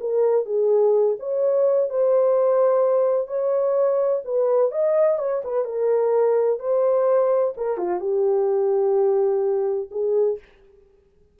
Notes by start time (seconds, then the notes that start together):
0.00 A#4
0.45 G#4
1.19 C#5
1.90 C5
3.27 C#5
4.24 B4
4.71 D#5
5.18 C#5
5.44 B4
5.65 A#4
6.59 C5
7.57 A#4
7.77 F4
8.00 G4
9.91 G#4